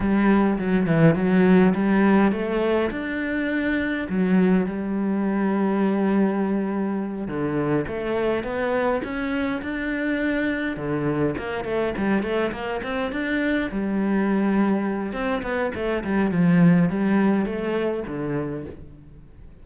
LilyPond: \new Staff \with { instrumentName = "cello" } { \time 4/4 \tempo 4 = 103 g4 fis8 e8 fis4 g4 | a4 d'2 fis4 | g1~ | g8 d4 a4 b4 cis'8~ |
cis'8 d'2 d4 ais8 | a8 g8 a8 ais8 c'8 d'4 g8~ | g2 c'8 b8 a8 g8 | f4 g4 a4 d4 | }